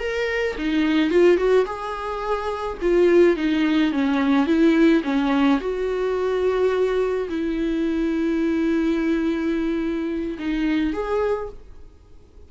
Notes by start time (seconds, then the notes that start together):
0.00 A#4
0.58 D#4
1.11 F4
1.38 F#4
1.66 G#4
2.82 F4
3.37 D#4
3.92 C#4
4.47 E4
5.04 C#4
5.60 F#4
7.29 E4
10.39 D#4
10.93 G#4